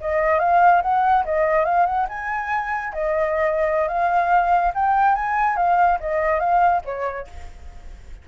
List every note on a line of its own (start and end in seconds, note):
0.00 0.39 D#5
0.39 0.81 F5
0.82 1.24 F#5
1.24 1.64 D#5
1.64 1.86 F5
1.86 2.07 F#5
2.08 2.93 G#5
2.93 3.88 D#5
3.88 4.72 F5
4.74 5.15 G5
5.15 5.56 G#5
5.56 5.98 F5
6.00 6.39 D#5
6.39 6.81 F5
6.85 7.27 C#5